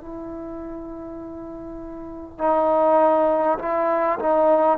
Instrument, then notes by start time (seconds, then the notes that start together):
trombone
0.00 E4
2.38 D#4
3.59 E4
4.19 D#4